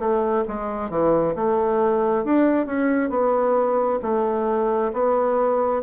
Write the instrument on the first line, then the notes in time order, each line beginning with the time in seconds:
bassoon
0.00 A3
0.48 G#3
0.90 E3
1.36 A3
2.25 D4
2.67 C#4
3.11 B3
4.03 A3
4.93 B3